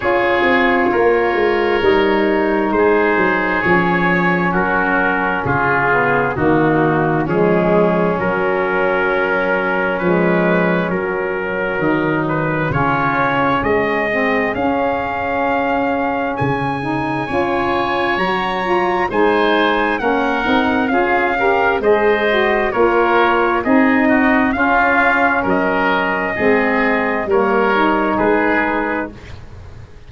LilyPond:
<<
  \new Staff \with { instrumentName = "trumpet" } { \time 4/4 \tempo 4 = 66 cis''2. c''4 | cis''4 ais'4 gis'4 fis'4 | gis'4 ais'2 b'4 | ais'4. b'8 cis''4 dis''4 |
f''2 gis''2 | ais''4 gis''4 fis''4 f''4 | dis''4 cis''4 dis''4 f''4 | dis''2 cis''4 b'4 | }
  \new Staff \with { instrumentName = "oboe" } { \time 4/4 gis'4 ais'2 gis'4~ | gis'4 fis'4 f'4 dis'4 | cis'1~ | cis'4 dis'4 f'4 gis'4~ |
gis'2. cis''4~ | cis''4 c''4 ais'4 gis'8 ais'8 | c''4 ais'4 gis'8 fis'8 f'4 | ais'4 gis'4 ais'4 gis'4 | }
  \new Staff \with { instrumentName = "saxophone" } { \time 4/4 f'2 dis'2 | cis'2~ cis'8 b8 ais4 | gis4 fis2 gis4 | fis2 cis'4. c'8 |
cis'2~ cis'8 dis'8 f'4 | fis'8 f'8 dis'4 cis'8 dis'8 f'8 g'8 | gis'8 fis'8 f'4 dis'4 cis'4~ | cis'4 c'4 ais8 dis'4. | }
  \new Staff \with { instrumentName = "tuba" } { \time 4/4 cis'8 c'8 ais8 gis8 g4 gis8 fis8 | f4 fis4 cis4 dis4 | f4 fis2 f4 | fis4 dis4 cis4 gis4 |
cis'2 cis4 cis'4 | fis4 gis4 ais8 c'8 cis'4 | gis4 ais4 c'4 cis'4 | fis4 gis4 g4 gis4 | }
>>